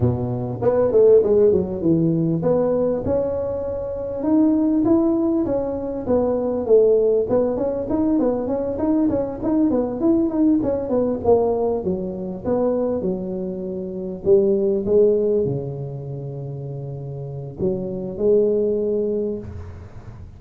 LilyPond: \new Staff \with { instrumentName = "tuba" } { \time 4/4 \tempo 4 = 99 b,4 b8 a8 gis8 fis8 e4 | b4 cis'2 dis'4 | e'4 cis'4 b4 a4 | b8 cis'8 dis'8 b8 cis'8 dis'8 cis'8 dis'8 |
b8 e'8 dis'8 cis'8 b8 ais4 fis8~ | fis8 b4 fis2 g8~ | g8 gis4 cis2~ cis8~ | cis4 fis4 gis2 | }